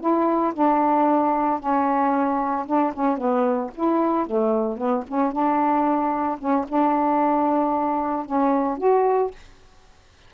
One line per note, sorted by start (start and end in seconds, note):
0.00 0.53 E4
0.53 1.59 D4
1.59 2.65 C#4
2.66 2.93 D4
2.93 3.17 C#4
3.17 3.70 B3
3.75 4.26 E4
4.26 4.77 A3
4.77 5.03 B3
5.07 5.32 C#4
5.32 6.38 D4
6.38 6.65 C#4
6.68 8.25 D4
8.25 8.78 C#4
8.78 9.31 F#4